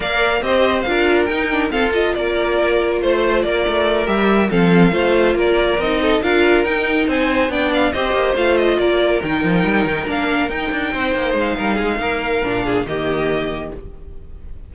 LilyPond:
<<
  \new Staff \with { instrumentName = "violin" } { \time 4/4 \tempo 4 = 140 f''4 dis''4 f''4 g''4 | f''8 dis''8 d''2 c''4 | d''4. e''4 f''4.~ | f''8 d''4 dis''4 f''4 g''8~ |
g''8 gis''4 g''8 f''8 dis''4 f''8 | dis''8 d''4 g''2 f''8~ | f''8 g''2 f''4.~ | f''2 dis''2 | }
  \new Staff \with { instrumentName = "violin" } { \time 4/4 d''4 c''4 ais'2 | a'4 ais'2 c''4 | ais'2~ ais'8 a'4 c''8~ | c''8 ais'4. a'8 ais'4.~ |
ais'8 c''4 d''4 c''4.~ | c''8 ais'2.~ ais'8~ | ais'4. c''4. ais'8 gis'8 | ais'4. gis'8 g'2 | }
  \new Staff \with { instrumentName = "viola" } { \time 4/4 ais'4 g'4 f'4 dis'8 d'8 | c'8 f'2.~ f'8~ | f'4. g'4 c'4 f'8~ | f'4. dis'4 f'4 dis'8~ |
dis'4. d'4 g'4 f'8~ | f'4. dis'2 d'8~ | d'8 dis'2.~ dis'8~ | dis'4 d'4 ais2 | }
  \new Staff \with { instrumentName = "cello" } { \time 4/4 ais4 c'4 d'4 dis'4 | f'4 ais2 a4 | ais8 a4 g4 f4 a8~ | a8 ais4 c'4 d'4 dis'8~ |
dis'8 c'4 b4 c'8 ais8 a8~ | a8 ais4 dis8 f8 g8 dis8 ais8~ | ais8 dis'8 d'8 c'8 ais8 gis8 g8 gis8 | ais4 ais,4 dis2 | }
>>